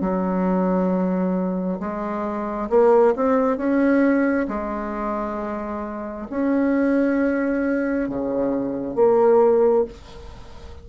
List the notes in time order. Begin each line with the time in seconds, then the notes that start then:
0.00 F#3
1.80 G#3
2.69 A#3
3.15 C4
3.57 C#4
4.48 G#3
6.30 C#4
8.08 C#3
8.95 A#3